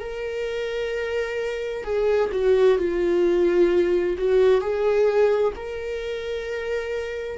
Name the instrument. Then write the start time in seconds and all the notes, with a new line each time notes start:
viola
0.00 A#4
1.84 G#4
2.32 F#4
2.78 F4
4.18 F#4
4.61 G#4
5.56 A#4